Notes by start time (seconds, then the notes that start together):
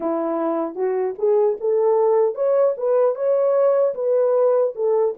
0.00 E4
0.75 F#4
1.18 G#4
1.60 A4
2.34 C#5
2.77 B4
3.15 C#5
3.94 B4
4.75 A4